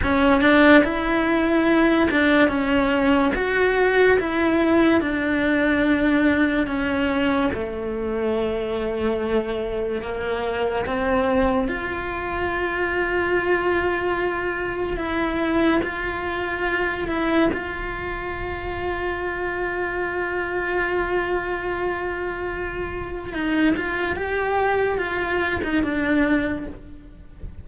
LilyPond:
\new Staff \with { instrumentName = "cello" } { \time 4/4 \tempo 4 = 72 cis'8 d'8 e'4. d'8 cis'4 | fis'4 e'4 d'2 | cis'4 a2. | ais4 c'4 f'2~ |
f'2 e'4 f'4~ | f'8 e'8 f'2.~ | f'1 | dis'8 f'8 g'4 f'8. dis'16 d'4 | }